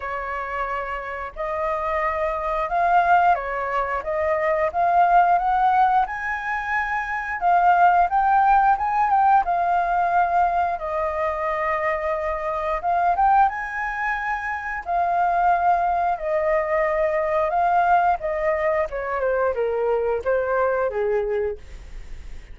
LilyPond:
\new Staff \with { instrumentName = "flute" } { \time 4/4 \tempo 4 = 89 cis''2 dis''2 | f''4 cis''4 dis''4 f''4 | fis''4 gis''2 f''4 | g''4 gis''8 g''8 f''2 |
dis''2. f''8 g''8 | gis''2 f''2 | dis''2 f''4 dis''4 | cis''8 c''8 ais'4 c''4 gis'4 | }